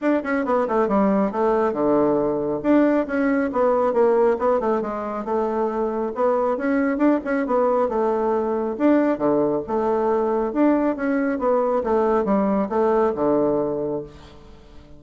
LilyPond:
\new Staff \with { instrumentName = "bassoon" } { \time 4/4 \tempo 4 = 137 d'8 cis'8 b8 a8 g4 a4 | d2 d'4 cis'4 | b4 ais4 b8 a8 gis4 | a2 b4 cis'4 |
d'8 cis'8 b4 a2 | d'4 d4 a2 | d'4 cis'4 b4 a4 | g4 a4 d2 | }